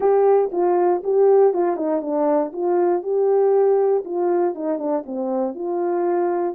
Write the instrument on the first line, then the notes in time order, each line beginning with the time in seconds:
horn
0.00 G4
0.52 F4
1.03 G4
1.53 F4
1.76 D#4
2.01 D4
2.52 F4
3.03 G4
4.04 F4
4.54 D#4
4.78 D4
5.06 C4
5.54 F4